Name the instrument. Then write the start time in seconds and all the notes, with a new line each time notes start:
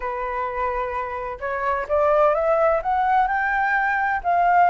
flute
0.00 B4
1.40 C#5
1.88 D5
2.34 E5
2.82 F#5
3.27 G5
4.23 F5